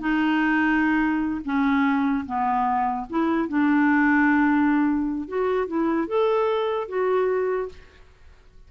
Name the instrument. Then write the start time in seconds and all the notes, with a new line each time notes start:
clarinet
0.00 D#4
1.45 C#4
2.26 B3
3.10 E4
3.49 D4
5.28 F#4
5.68 E4
6.08 A4
6.89 F#4